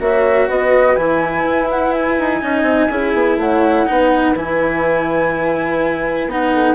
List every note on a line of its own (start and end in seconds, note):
0.00 0.49 A#3
0.00 0.97 F#4
0.00 0.49 C#5
0.00 0.49 E5
0.49 0.97 B3
0.49 2.42 B4
0.49 0.96 D#5
0.96 1.44 E3
0.96 2.42 E4
0.96 1.69 G#5
1.44 2.17 E4
1.71 1.93 F#5
1.93 3.38 G#5
2.19 2.43 D#4
2.42 2.63 C#4
2.42 2.90 D#4
2.42 2.92 D#5
2.63 2.87 C4
2.91 3.14 C#4
2.91 3.87 E4
2.91 3.40 G#4
3.14 3.37 B3
3.37 3.86 A3
3.37 3.88 C#5
3.37 4.36 F#5
3.87 4.36 B3
3.87 4.35 D#4
3.87 6.54 B4
4.36 6.27 E3
4.36 6.30 E4
4.36 6.31 G#5
6.27 6.75 B3
6.27 6.75 D#4
6.27 6.75 F#5
6.54 6.75 A4